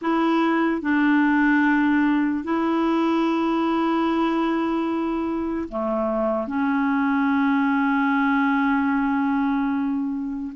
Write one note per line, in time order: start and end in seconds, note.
0.01 0.81 E4
0.81 2.43 D4
2.44 5.68 E4
5.68 6.47 A3
6.47 10.52 C#4